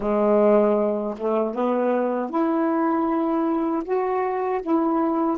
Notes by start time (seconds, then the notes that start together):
0.00 G#3
1.17 A3
1.55 B3
2.29 E4
3.84 F#4
4.62 E4